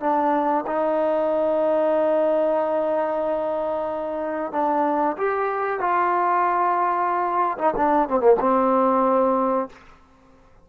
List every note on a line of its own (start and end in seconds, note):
0.00 0.65 D4
0.67 4.52 D#4
4.52 5.16 D4
5.17 5.80 G4
5.80 7.57 F4
7.58 7.74 D#4
7.77 8.09 D4
8.09 8.20 C4
8.20 8.36 A#3
8.40 9.69 C4